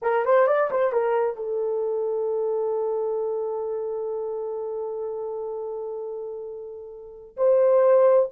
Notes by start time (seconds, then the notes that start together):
0.02 A#4
0.25 C5
0.47 D5
0.70 C5
0.92 A#4
1.36 A4
7.37 C5